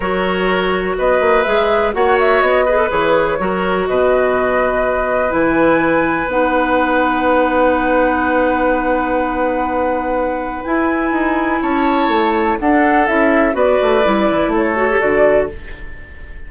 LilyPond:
<<
  \new Staff \with { instrumentName = "flute" } { \time 4/4 \tempo 4 = 124 cis''2 dis''4 e''4 | fis''8 e''8 dis''4 cis''2 | dis''2. gis''4~ | gis''4 fis''2.~ |
fis''1~ | fis''2 gis''2 | a''2 fis''4 e''4 | d''2 cis''4 d''4 | }
  \new Staff \with { instrumentName = "oboe" } { \time 4/4 ais'2 b'2 | cis''4. b'4. ais'4 | b'1~ | b'1~ |
b'1~ | b'1 | cis''2 a'2 | b'2 a'2 | }
  \new Staff \with { instrumentName = "clarinet" } { \time 4/4 fis'2. gis'4 | fis'4. gis'16 a'16 gis'4 fis'4~ | fis'2. e'4~ | e'4 dis'2.~ |
dis'1~ | dis'2 e'2~ | e'2 d'4 e'4 | fis'4 e'4. fis'16 g'16 fis'4 | }
  \new Staff \with { instrumentName = "bassoon" } { \time 4/4 fis2 b8 ais8 gis4 | ais4 b4 e4 fis4 | b,2. e4~ | e4 b2.~ |
b1~ | b2 e'4 dis'4 | cis'4 a4 d'4 cis'4 | b8 a8 g8 e8 a4 d4 | }
>>